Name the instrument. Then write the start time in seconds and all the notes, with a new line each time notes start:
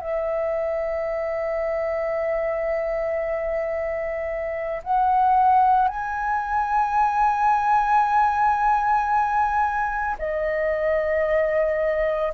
flute
0.00 E5
4.84 F#5
5.88 G#5
10.19 D#5